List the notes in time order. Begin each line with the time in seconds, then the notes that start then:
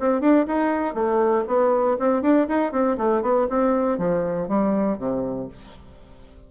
0.00 C4
0.21 D4
0.47 D#4
0.95 A3
1.47 B3
2.00 C4
2.22 D4
2.49 D#4
2.72 C4
2.98 A3
3.22 B3
3.50 C4
3.98 F3
4.48 G3
4.98 C3